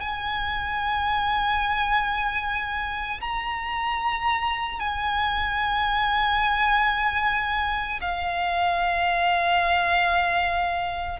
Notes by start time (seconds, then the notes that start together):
0.00 G#5
3.21 A#5
4.80 G#5
8.01 F5